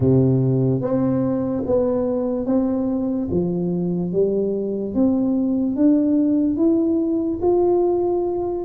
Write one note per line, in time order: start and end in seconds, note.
0.00 0.81 C3
0.81 1.63 C4
1.66 2.46 B3
2.46 3.28 C4
3.30 4.12 F3
4.12 4.94 G3
4.94 5.76 C4
5.76 6.56 D4
6.56 7.39 E4
7.41 8.65 F4